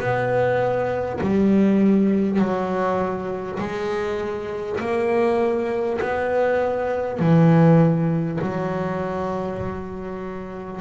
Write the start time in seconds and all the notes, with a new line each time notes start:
0.00 B3
1.21 G3
2.39 F#3
3.60 G#3
4.81 A#3
6.01 B3
7.19 E3
8.41 F#3